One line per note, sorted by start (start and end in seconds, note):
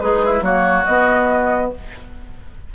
0.00 0.41 G#3
0.00 0.25 D#4
0.00 0.41 G#4
0.00 0.43 B4
0.25 0.44 E4
0.41 0.84 F#3
0.41 0.84 A#3
0.41 1.73 F#4
0.41 0.85 C#5
0.85 1.74 B3
0.85 1.75 B3
0.85 1.71 D#5